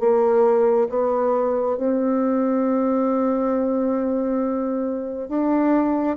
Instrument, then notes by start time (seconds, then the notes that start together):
bassoon
0.00 A#3
0.89 B3
1.77 C4
5.29 D4